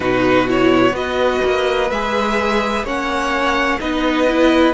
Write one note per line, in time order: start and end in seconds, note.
0.00 0.91 B2
0.00 0.47 D#4
0.00 0.95 F#4
0.00 0.48 B4
0.47 0.91 E4
0.47 0.95 C#5
0.91 1.39 B3
0.91 1.86 F#4
0.91 2.84 B4
0.91 1.90 D#5
1.44 1.90 A#3
1.90 2.83 G#3
1.90 2.86 G#4
1.90 2.85 E5
2.83 3.78 A#3
2.83 3.79 C#4
2.83 3.79 C#5
2.83 3.80 F#5
3.79 4.73 B3
3.79 4.27 D#4
3.79 4.73 B4
3.79 4.73 D#5
4.28 4.73 E4